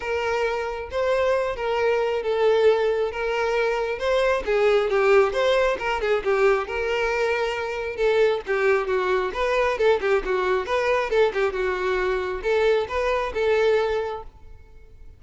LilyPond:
\new Staff \with { instrumentName = "violin" } { \time 4/4 \tempo 4 = 135 ais'2 c''4. ais'8~ | ais'4 a'2 ais'4~ | ais'4 c''4 gis'4 g'4 | c''4 ais'8 gis'8 g'4 ais'4~ |
ais'2 a'4 g'4 | fis'4 b'4 a'8 g'8 fis'4 | b'4 a'8 g'8 fis'2 | a'4 b'4 a'2 | }